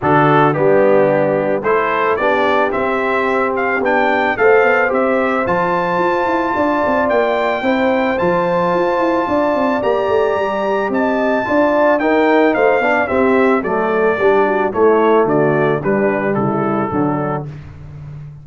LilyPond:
<<
  \new Staff \with { instrumentName = "trumpet" } { \time 4/4 \tempo 4 = 110 a'4 g'2 c''4 | d''4 e''4. f''8 g''4 | f''4 e''4 a''2~ | a''4 g''2 a''4~ |
a''2 ais''2 | a''2 g''4 f''4 | e''4 d''2 cis''4 | d''4 b'4 a'2 | }
  \new Staff \with { instrumentName = "horn" } { \time 4/4 fis'4 d'2 a'4 | g'1 | c''1 | d''2 c''2~ |
c''4 d''2. | dis''4 d''4 ais'4 c''8 d''8 | g'4 a'4 g'8 fis'8 e'4 | fis'4 d'4 e'4 d'4 | }
  \new Staff \with { instrumentName = "trombone" } { \time 4/4 d'4 b2 e'4 | d'4 c'2 d'4 | a'4 g'4 f'2~ | f'2 e'4 f'4~ |
f'2 g'2~ | g'4 f'4 dis'4. d'8 | c'4 a4 d'4 a4~ | a4 g2 fis4 | }
  \new Staff \with { instrumentName = "tuba" } { \time 4/4 d4 g2 a4 | b4 c'2 b4 | a8 b8 c'4 f4 f'8 e'8 | d'8 c'8 ais4 c'4 f4 |
f'8 e'8 d'8 c'8 ais8 a8 g4 | c'4 d'4 dis'4 a8 b8 | c'4 fis4 g4 a4 | d4 g4 cis4 d4 | }
>>